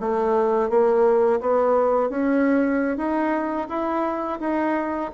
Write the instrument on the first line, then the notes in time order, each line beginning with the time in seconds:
bassoon
0.00 A3
0.70 A#3
1.41 B3
2.10 C#4
2.97 D#4
3.69 E4
4.40 D#4